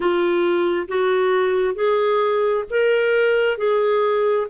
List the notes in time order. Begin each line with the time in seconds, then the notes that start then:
0.00 F4
0.88 F#4
1.74 G#4
2.69 A#4
3.57 G#4